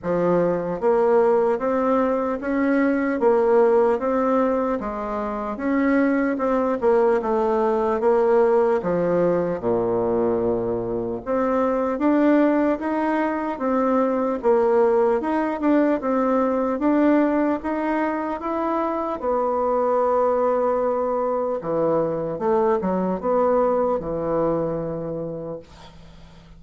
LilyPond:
\new Staff \with { instrumentName = "bassoon" } { \time 4/4 \tempo 4 = 75 f4 ais4 c'4 cis'4 | ais4 c'4 gis4 cis'4 | c'8 ais8 a4 ais4 f4 | ais,2 c'4 d'4 |
dis'4 c'4 ais4 dis'8 d'8 | c'4 d'4 dis'4 e'4 | b2. e4 | a8 fis8 b4 e2 | }